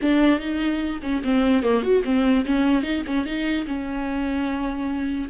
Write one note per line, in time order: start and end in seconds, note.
0.01 0.39 D4
0.39 1.00 D#4
1.02 1.22 C#4
1.23 1.63 C4
1.63 1.82 A#3
1.82 2.03 F#4
2.04 2.45 C4
2.45 2.82 C#4
2.82 3.03 D#4
3.06 3.25 C#4
3.25 3.66 D#4
3.67 5.29 C#4